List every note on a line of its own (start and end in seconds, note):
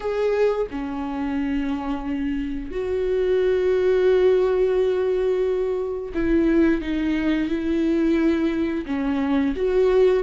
0.00 0.66 G#4
0.71 2.71 C#4
2.71 6.12 F#4
6.14 6.81 E4
6.81 7.48 D#4
7.48 8.85 E4
8.86 9.54 C#4
9.55 10.23 F#4